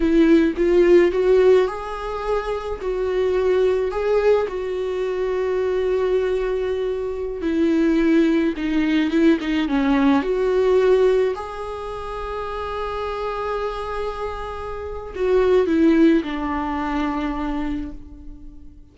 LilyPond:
\new Staff \with { instrumentName = "viola" } { \time 4/4 \tempo 4 = 107 e'4 f'4 fis'4 gis'4~ | gis'4 fis'2 gis'4 | fis'1~ | fis'4~ fis'16 e'2 dis'8.~ |
dis'16 e'8 dis'8 cis'4 fis'4.~ fis'16~ | fis'16 gis'2.~ gis'8.~ | gis'2. fis'4 | e'4 d'2. | }